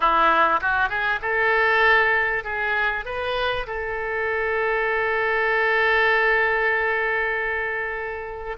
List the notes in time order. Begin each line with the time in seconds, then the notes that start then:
0.00 E4
0.61 F#4
0.89 G#4
1.21 A4
2.44 G#4
3.05 B4
3.67 A4